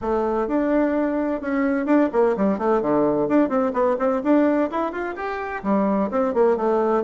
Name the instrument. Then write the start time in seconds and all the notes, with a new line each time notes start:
bassoon
0.01 A3
0.47 D4
1.41 C#4
1.85 D4
2.12 A#3
2.37 G3
2.58 A3
2.81 D3
3.28 D4
3.49 C4
3.73 B3
3.98 C4
4.23 D4
4.70 E4
4.91 F4
5.15 G4
5.63 G3
6.10 C4
6.33 A#3
6.56 A3